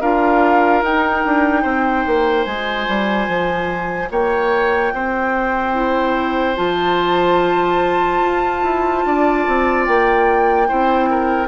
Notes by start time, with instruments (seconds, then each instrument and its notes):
0.00 bassoon D4, clarinet F4, oboe A#4, flute F5
0.82 bassoon D#4, clarinet D#4, flute G5
1.25 bassoon D4
1.62 bassoon C4, oboe C5
2.06 bassoon A#3
2.44 bassoon G#3, clarinet F4, flute G#5
2.87 bassoon G3
3.27 bassoon F3
4.10 bassoon A#3, oboe C#5, flute G5
4.92 bassoon C4, oboe C5
5.73 clarinet E4
6.55 bassoon F3, clarinet F4, flute A5
8.21 bassoon F4
8.62 bassoon E4
9.05 bassoon D4, oboe D5
9.47 bassoon C4
9.85 bassoon A#3, flute G5
10.68 bassoon C4, clarinet E4, oboe C5
11.10 oboe A#4